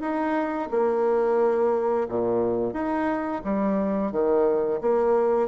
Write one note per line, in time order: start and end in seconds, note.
0.00 0.68 D#4
0.71 2.07 A#3
2.08 2.73 A#2
2.73 3.41 D#4
3.44 4.12 G3
4.12 4.80 D#3
4.81 5.48 A#3